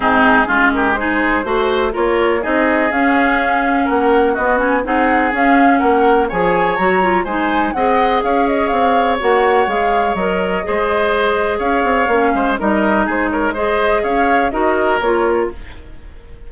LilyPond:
<<
  \new Staff \with { instrumentName = "flute" } { \time 4/4 \tempo 4 = 124 gis'4. ais'8 c''2 | cis''4 dis''4 f''2 | fis''4 dis''8 gis''8 fis''4 f''4 | fis''4 gis''4 ais''4 gis''4 |
fis''4 f''8 dis''8 f''4 fis''4 | f''4 dis''2. | f''2 dis''4 c''8 cis''8 | dis''4 f''4 dis''4 cis''4 | }
  \new Staff \with { instrumentName = "oboe" } { \time 4/4 dis'4 f'8 g'8 gis'4 c''4 | ais'4 gis'2. | ais'4 fis'4 gis'2 | ais'4 cis''2 c''4 |
dis''4 cis''2.~ | cis''2 c''2 | cis''4. c''8 ais'4 gis'8 ais'8 | c''4 cis''4 ais'2 | }
  \new Staff \with { instrumentName = "clarinet" } { \time 4/4 c'4 cis'4 dis'4 fis'4 | f'4 dis'4 cis'2~ | cis'4 b8 cis'8 dis'4 cis'4~ | cis'4 gis'4 fis'8 f'8 dis'4 |
gis'2. fis'4 | gis'4 ais'4 gis'2~ | gis'4 cis'4 dis'2 | gis'2 fis'4 f'4 | }
  \new Staff \with { instrumentName = "bassoon" } { \time 4/4 gis,4 gis2 a4 | ais4 c'4 cis'2 | ais4 b4 c'4 cis'4 | ais4 f4 fis4 gis4 |
c'4 cis'4 c'4 ais4 | gis4 fis4 gis2 | cis'8 c'8 ais8 gis8 g4 gis4~ | gis4 cis'4 dis'4 ais4 | }
>>